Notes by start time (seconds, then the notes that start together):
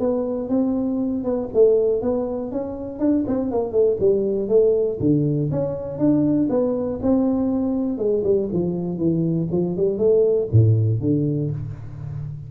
0.00 B3
0.49 C4
1.24 B3
1.54 A3
2.02 B3
2.52 C#4
3.00 D4
3.27 C4
3.52 A#3
3.72 A3
4.00 G3
4.48 A3
5.00 D3
5.51 C#4
5.99 D4
6.50 B3
7.03 C4
7.98 G#3
8.24 G3
8.53 F3
8.98 E3
9.52 F3
9.77 G3
9.98 A3
10.52 A2
11.01 D3